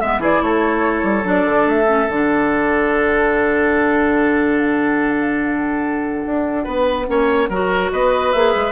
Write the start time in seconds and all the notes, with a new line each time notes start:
0.00 G#3 B3 E5
0.19 E3 E4 G#4 D5
0.42 A3 A4 C#5
1.03 G3
1.23 F#3 D4 D5
1.45 D3
1.66 A3 E5
1.86 C#4
2.08 D3 D4 F#5
6.26 D4
6.64 B3 B4
7.06 A#3 C#4 C#5
7.49 F#3 F#4 A#4
7.92 B3 B4 D#5
8.32 A#3 G#4 E5
8.56 G#3